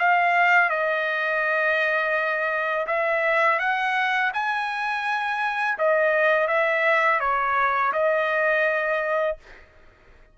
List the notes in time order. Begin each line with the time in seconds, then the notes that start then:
0.00 F5
0.70 D#5
2.88 E5
3.60 F#5
4.34 G#5
5.79 D#5
6.48 E5
7.21 C#5
7.93 D#5